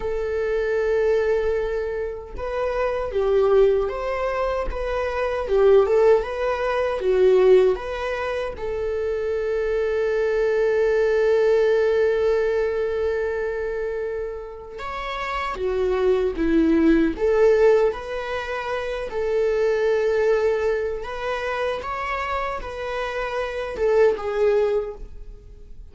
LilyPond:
\new Staff \with { instrumentName = "viola" } { \time 4/4 \tempo 4 = 77 a'2. b'4 | g'4 c''4 b'4 g'8 a'8 | b'4 fis'4 b'4 a'4~ | a'1~ |
a'2. cis''4 | fis'4 e'4 a'4 b'4~ | b'8 a'2~ a'8 b'4 | cis''4 b'4. a'8 gis'4 | }